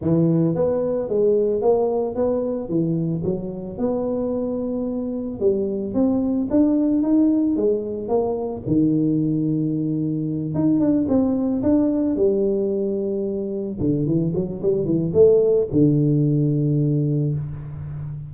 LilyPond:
\new Staff \with { instrumentName = "tuba" } { \time 4/4 \tempo 4 = 111 e4 b4 gis4 ais4 | b4 e4 fis4 b4~ | b2 g4 c'4 | d'4 dis'4 gis4 ais4 |
dis2.~ dis8 dis'8 | d'8 c'4 d'4 g4.~ | g4. d8 e8 fis8 g8 e8 | a4 d2. | }